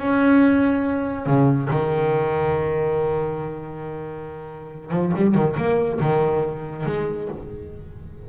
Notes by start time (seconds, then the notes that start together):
0.00 C#4
1.27 C#3
1.71 D#3
4.92 F3
5.16 G3
5.35 D#3
5.58 A#3
6.01 D#3
6.86 G#3